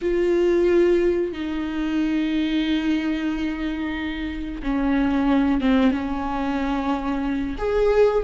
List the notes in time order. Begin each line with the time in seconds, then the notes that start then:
0.01 F4
1.32 D#4
4.62 C#4
5.60 C4
5.91 C#4
7.57 G#4